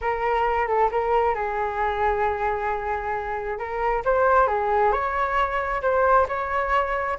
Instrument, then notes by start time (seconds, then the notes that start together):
flute
0.01 A#4
0.67 A4
0.91 A#4
1.34 G#4
3.58 A#4
4.05 C5
4.47 G#4
4.92 C#5
5.81 C5
6.28 C#5